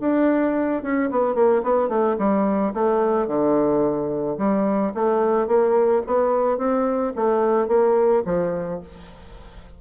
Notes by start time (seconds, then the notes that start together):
0.00 D4
0.82 C#4
1.11 B3
1.35 A#3
1.63 B3
1.89 A3
2.18 G3
2.73 A3
3.27 D3
4.38 G3
4.94 A3
5.47 A#3
6.06 B3
6.58 C4
7.16 A3
7.68 A#3
8.25 F3